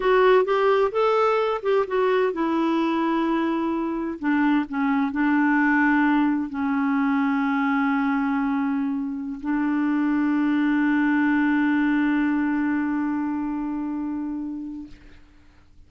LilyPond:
\new Staff \with { instrumentName = "clarinet" } { \time 4/4 \tempo 4 = 129 fis'4 g'4 a'4. g'8 | fis'4 e'2.~ | e'4 d'4 cis'4 d'4~ | d'2 cis'2~ |
cis'1~ | cis'16 d'2.~ d'8.~ | d'1~ | d'1 | }